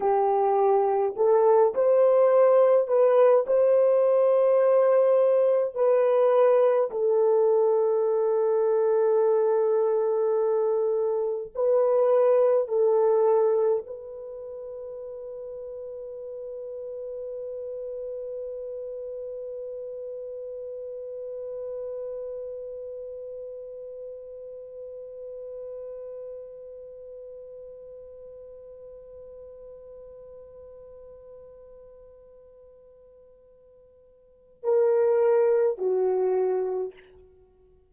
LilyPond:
\new Staff \with { instrumentName = "horn" } { \time 4/4 \tempo 4 = 52 g'4 a'8 c''4 b'8 c''4~ | c''4 b'4 a'2~ | a'2 b'4 a'4 | b'1~ |
b'1~ | b'1~ | b'1~ | b'2 ais'4 fis'4 | }